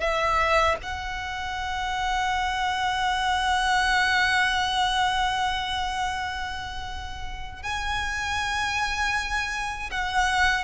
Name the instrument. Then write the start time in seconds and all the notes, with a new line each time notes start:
violin
0.00 E5
0.83 F#5
7.62 G#5
9.91 F#5